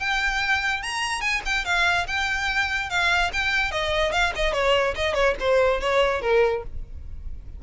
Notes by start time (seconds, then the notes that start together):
0.00 G5
0.83 A#5
1.21 G#5
1.46 G5
1.65 F5
2.07 G5
2.90 F5
3.33 G5
3.71 D#5
4.12 F5
4.36 D#5
4.53 C#5
4.95 D#5
5.14 C#5
5.40 C5
5.81 C#5
6.22 A#4